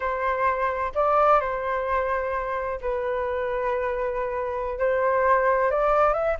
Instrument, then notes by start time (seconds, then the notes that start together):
flute
0.00 C5
0.94 D5
1.40 C5
2.81 B4
4.78 C5
5.70 D5
6.13 E5